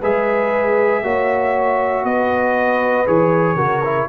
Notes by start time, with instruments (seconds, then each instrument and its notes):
0.00 tuba G#3, trombone G#4, horn B4, trumpet E5
1.03 tuba A#3, trombone F#4, horn C#5
2.04 tuba B3, horn B4, trumpet D#5
3.06 tuba E3, trombone G#4, trumpet C#5
3.55 tuba C#3, trombone F#4, horn A#4
3.84 trombone E4